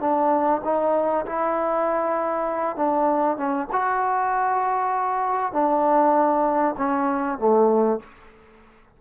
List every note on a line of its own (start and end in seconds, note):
0.00 0.61 D4
0.64 1.25 D#4
1.26 2.76 E4
2.76 3.37 D4
3.37 3.68 C#4
3.72 5.52 F#4
5.52 6.75 D4
6.77 7.39 C#4
7.39 8.00 A3